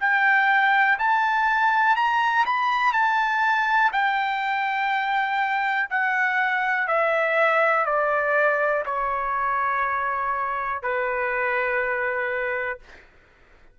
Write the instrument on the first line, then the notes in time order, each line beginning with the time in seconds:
trumpet
0.00 G5
0.98 A5
1.96 A#5
2.45 B5
2.93 A5
3.93 G5
5.90 F#5
6.88 E5
7.86 D5
8.86 C#5
10.82 B4